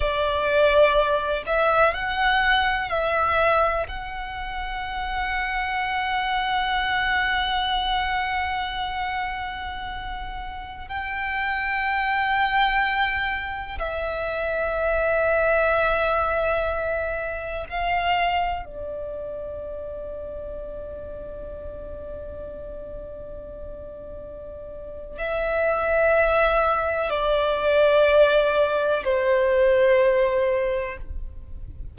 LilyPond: \new Staff \with { instrumentName = "violin" } { \time 4/4 \tempo 4 = 62 d''4. e''8 fis''4 e''4 | fis''1~ | fis''2.~ fis''16 g''8.~ | g''2~ g''16 e''4.~ e''16~ |
e''2~ e''16 f''4 d''8.~ | d''1~ | d''2 e''2 | d''2 c''2 | }